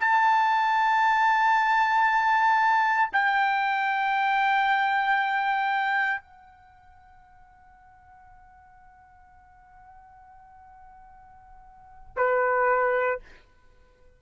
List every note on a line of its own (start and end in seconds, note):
0.00 3.10 A5
3.13 6.21 G5
6.21 12.16 F#5
12.16 13.20 B4